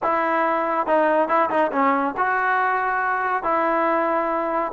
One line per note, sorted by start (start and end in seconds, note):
0.02 0.86 E4
0.86 1.28 D#4
1.28 1.49 E4
1.49 1.71 D#4
1.72 2.14 C#4
2.17 3.43 F#4
3.43 4.71 E4